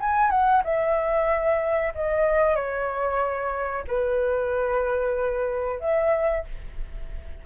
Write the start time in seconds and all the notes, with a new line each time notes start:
0.00 G#5
0.30 F#5
0.64 E5
1.95 D#5
2.55 C#5
3.88 B4
5.80 E5